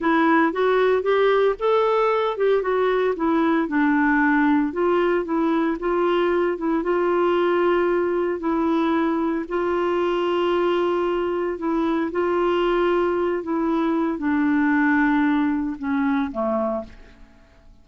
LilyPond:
\new Staff \with { instrumentName = "clarinet" } { \time 4/4 \tempo 4 = 114 e'4 fis'4 g'4 a'4~ | a'8 g'8 fis'4 e'4 d'4~ | d'4 f'4 e'4 f'4~ | f'8 e'8 f'2. |
e'2 f'2~ | f'2 e'4 f'4~ | f'4. e'4. d'4~ | d'2 cis'4 a4 | }